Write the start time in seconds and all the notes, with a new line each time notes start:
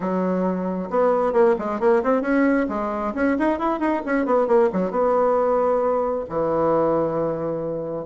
0.00 F#3
0.90 B3
1.32 A#3
1.59 G#3
1.80 A#3
2.03 C4
2.21 C#4
2.68 G#3
3.14 C#4
3.38 D#4
3.58 E4
3.79 D#4
4.05 C#4
4.25 B3
4.47 A#3
4.72 F#3
4.91 B3
6.29 E3